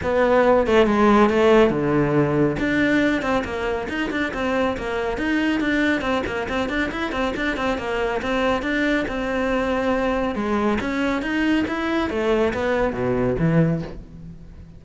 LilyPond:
\new Staff \with { instrumentName = "cello" } { \time 4/4 \tempo 4 = 139 b4. a8 gis4 a4 | d2 d'4. c'8 | ais4 dis'8 d'8 c'4 ais4 | dis'4 d'4 c'8 ais8 c'8 d'8 |
e'8 c'8 d'8 c'8 ais4 c'4 | d'4 c'2. | gis4 cis'4 dis'4 e'4 | a4 b4 b,4 e4 | }